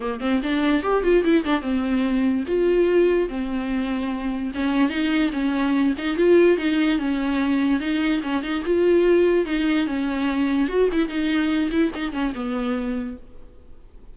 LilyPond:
\new Staff \with { instrumentName = "viola" } { \time 4/4 \tempo 4 = 146 ais8 c'8 d'4 g'8 f'8 e'8 d'8 | c'2 f'2 | c'2. cis'4 | dis'4 cis'4. dis'8 f'4 |
dis'4 cis'2 dis'4 | cis'8 dis'8 f'2 dis'4 | cis'2 fis'8 e'8 dis'4~ | dis'8 e'8 dis'8 cis'8 b2 | }